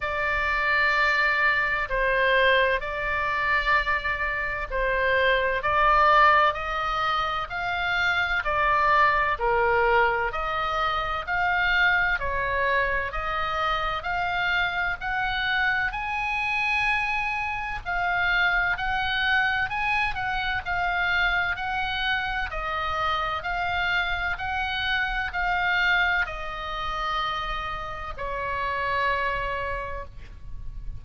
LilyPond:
\new Staff \with { instrumentName = "oboe" } { \time 4/4 \tempo 4 = 64 d''2 c''4 d''4~ | d''4 c''4 d''4 dis''4 | f''4 d''4 ais'4 dis''4 | f''4 cis''4 dis''4 f''4 |
fis''4 gis''2 f''4 | fis''4 gis''8 fis''8 f''4 fis''4 | dis''4 f''4 fis''4 f''4 | dis''2 cis''2 | }